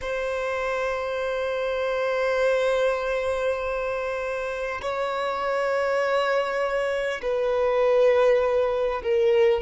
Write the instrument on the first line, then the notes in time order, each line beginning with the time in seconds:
violin
0.01 C5
4.81 C#5
7.22 B4
9.02 A#4